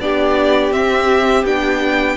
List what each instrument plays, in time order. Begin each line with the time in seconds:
0.00 cello B3, viola D4, violin G4 D5
0.72 cello C4, viola C4, violin E5
1.44 cello B3, viola D4, violin G5